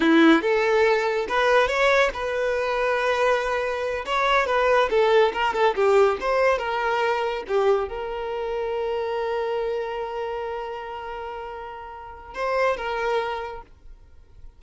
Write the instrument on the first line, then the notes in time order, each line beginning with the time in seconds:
violin
0.00 E4
0.41 A4
1.28 B4
1.67 C#5
2.13 B4
4.05 C#5
4.46 B4
4.90 A4
5.33 A#4
5.53 A4
5.75 G4
6.20 C5
6.58 A#4
7.47 G4
7.88 A#4
12.34 C5
12.76 A#4